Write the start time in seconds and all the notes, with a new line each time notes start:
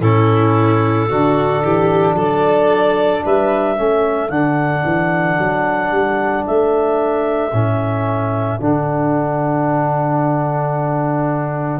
0.00 A2 C#4 E4 A4
1.09 D3 D4 F#4
1.63 E3 G4
2.14 F#3 A4 D5
3.25 G3 B4 E5
3.76 A3 C#4 A4
4.29 D3 D4 F#5
4.84 E3
5.38 F#3
5.91 G3
6.46 A3 E5
7.52 A2 C#4
8.59 D3 D4 F#5